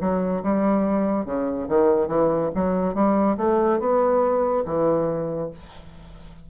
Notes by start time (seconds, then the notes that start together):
0.00 F#3
0.43 G3
1.25 C#3
1.68 D#3
2.08 E3
2.55 F#3
2.95 G3
3.37 A3
3.80 B3
4.65 E3